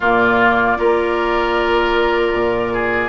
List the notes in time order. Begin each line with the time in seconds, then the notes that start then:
0.00 A#2 A#3 F4 D5
0.77 A#3 F4 A#4
2.33 A#2
2.73 G#4